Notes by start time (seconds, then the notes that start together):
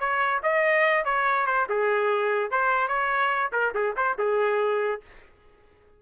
0.00 C#5
0.43 D#5
1.05 C#5
1.47 C5
1.70 G#4
2.51 C5
2.88 C#5
3.53 A#4
3.75 G#4
3.97 C5
4.19 G#4